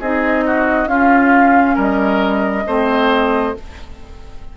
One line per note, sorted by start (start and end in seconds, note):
0.00 0.86 C4
0.00 0.88 D#4
0.00 0.44 G#4
0.00 0.88 D#5
0.47 0.88 F#4
0.86 1.75 C#4
0.86 2.64 C#4
0.86 1.75 F4
0.86 1.76 F5
1.75 2.65 G3
1.75 2.63 A#4
1.75 3.57 D#5
2.66 3.55 A3
2.66 3.55 C4
2.66 3.55 C5